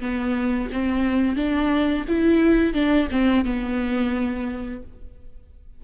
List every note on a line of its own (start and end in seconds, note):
0.00 0.69 B3
0.72 1.36 C4
1.36 2.05 D4
2.08 2.73 E4
2.73 3.08 D4
3.11 3.45 C4
3.45 4.83 B3